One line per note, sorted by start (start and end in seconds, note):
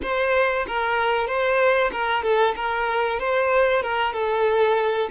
0.02 0.66 C5
0.67 1.27 A#4
1.27 1.91 C5
1.91 2.23 A#4
2.23 2.54 A4
2.55 3.19 A#4
3.19 3.82 C5
3.82 4.13 A#4
4.13 5.09 A4